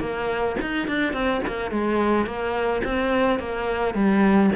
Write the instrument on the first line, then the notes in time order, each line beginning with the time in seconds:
cello
0.00 A#3
0.61 D#4
0.88 D4
1.13 C4
1.47 A#3
1.71 G#3
2.26 A#3
2.84 C4
3.39 A#3
3.95 G3